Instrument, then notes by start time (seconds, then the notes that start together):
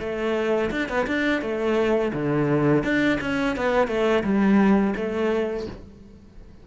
cello
0.00 A3
0.71 D4
0.89 B3
1.07 D4
1.42 A3
2.13 D3
2.84 D4
3.21 C#4
3.56 B3
3.88 A3
4.24 G3
4.96 A3